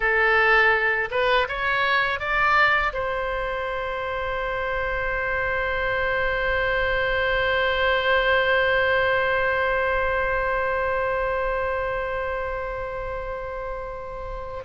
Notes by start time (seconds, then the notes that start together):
0.00 A4
1.10 B4
1.48 C#5
2.19 D5
2.93 C5